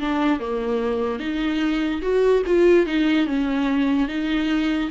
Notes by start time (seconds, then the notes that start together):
0.00 D4
0.40 A#3
1.20 D#4
2.02 F#4
2.47 F4
2.87 D#4
3.27 C#4
4.09 D#4